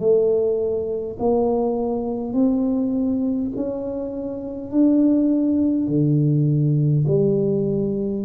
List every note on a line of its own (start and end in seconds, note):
0.00 1.18 A3
1.19 2.33 A#3
2.33 3.51 C4
3.56 4.71 C#4
4.71 5.88 D4
5.88 7.05 D3
7.07 8.25 G3